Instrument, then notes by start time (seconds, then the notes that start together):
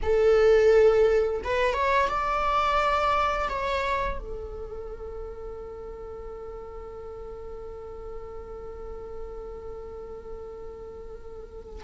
viola
0.02 A4
1.44 B4
1.73 C#5
2.08 D5
3.49 C#5
4.19 A4